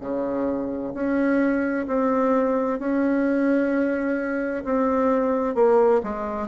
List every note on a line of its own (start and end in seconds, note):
0.00 0.92 C#3
0.94 1.86 C#4
1.87 2.79 C4
2.79 4.64 C#4
4.64 5.55 C4
5.55 6.01 A#3
6.03 6.48 G#3